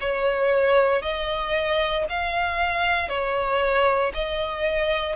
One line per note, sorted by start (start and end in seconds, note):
0.00 1.02 C#5
1.02 2.05 D#5
2.09 3.08 F5
3.08 4.12 C#5
4.13 5.16 D#5